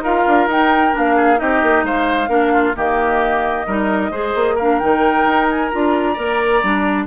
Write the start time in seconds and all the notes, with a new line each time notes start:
0.00 D#4 F4 A#4 F5
0.26 D4
0.46 D#4 G5
0.92 A#3 D4 F5
1.16 G#4
1.36 C4 D#4 G4 D#5
1.62 A#3
1.82 G#3 C5 F5
2.27 A#3 D4 A#4
2.52 F4
2.76 D#3 A#3 G4 D#5
3.66 G3 D#4 A#4
4.10 G#3 G#4 C5
4.34 A#3
4.55 D4 A#4 F5
4.78 D#3 D#4 G5
5.25 D#4
5.50 G#5
5.68 D4 F4 A#5
6.13 A#3 A#4 D5
6.62 G3 D4